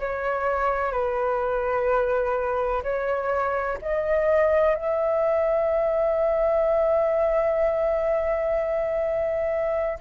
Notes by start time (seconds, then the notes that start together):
0.00 C#5
0.93 B4
2.83 C#5
3.82 D#5
4.76 E5